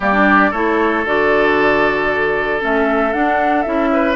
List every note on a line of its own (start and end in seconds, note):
0.00 0.52 G3
0.00 0.13 A#3
0.00 0.50 G4
0.00 0.52 D5
0.13 0.52 D4
0.50 1.05 A3
0.50 1.05 E4
0.50 3.89 A4
0.50 1.05 C#5
1.05 2.61 D3
1.05 2.60 F#4
1.05 2.63 D5
2.60 3.13 A3
2.60 3.12 C#4
2.60 3.12 E5
3.12 3.65 D4
3.12 3.62 F#5
3.62 4.15 C#4
3.62 4.15 E4
3.62 4.14 E5
3.92 4.15 B4